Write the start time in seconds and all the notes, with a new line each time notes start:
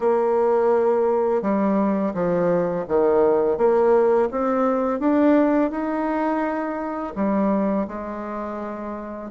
0.00 A#3
1.42 G3
2.14 F3
2.88 D#3
3.57 A#3
4.31 C4
4.99 D4
5.70 D#4
7.15 G3
7.87 G#3